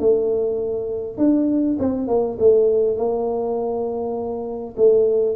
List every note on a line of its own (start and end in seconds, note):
0.00 1.18 A3
1.18 1.77 D4
1.80 2.08 C4
2.08 2.38 A#3
2.40 2.97 A3
2.97 4.76 A#3
4.77 5.36 A3